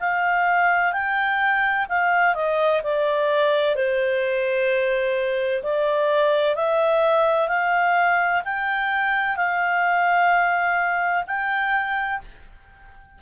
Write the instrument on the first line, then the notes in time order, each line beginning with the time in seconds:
clarinet
0.00 F5
0.93 G5
1.89 F5
2.35 D#5
2.84 D5
3.75 C5
5.63 D5
6.56 E5
7.48 F5
8.45 G5
9.36 F5
11.27 G5